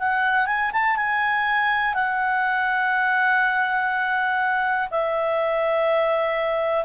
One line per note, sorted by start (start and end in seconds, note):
0.00 0.47 F#5
0.47 0.72 G#5
0.73 0.97 A5
0.97 1.94 G#5
1.94 4.90 F#5
4.91 6.85 E5